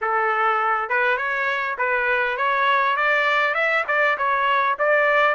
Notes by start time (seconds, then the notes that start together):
0.01 A4
0.89 B4
1.17 C#5
1.78 B4
2.37 C#5
2.96 D5
3.54 E5
3.87 D5
4.17 C#5
4.78 D5